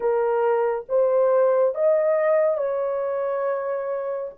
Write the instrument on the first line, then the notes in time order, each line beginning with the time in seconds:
horn
0.00 A#4
0.88 C5
1.74 D#5
2.57 C#5